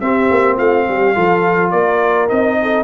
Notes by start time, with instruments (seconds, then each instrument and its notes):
0.00 trombone C4, tuba C4, horn G4, trumpet E5
0.30 tuba A#3
0.56 tuba A3, horn F4, trumpet F5
0.88 tuba G3, horn G4
1.15 tuba F3, trombone F4, horn A4
1.71 tuba A#3, horn A#4, trumpet D5
2.28 tuba C4, trombone D#4, trumpet D#5
2.62 horn A4